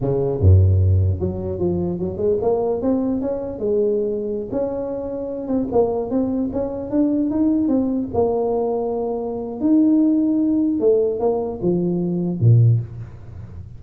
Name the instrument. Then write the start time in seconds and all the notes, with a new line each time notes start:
tuba
0.01 C#3
0.40 F#2
1.19 F#3
1.59 F3
1.99 F#3
2.17 G#3
2.41 A#3
2.81 C4
3.21 C#4
3.59 G#3
4.51 C#4
5.47 C4
5.71 A#3
6.10 C4
6.52 C#4
6.90 D4
7.30 D#4
7.67 C4
8.14 A#3
9.60 D#4
10.80 A3
11.19 A#3
11.61 F3
12.39 A#2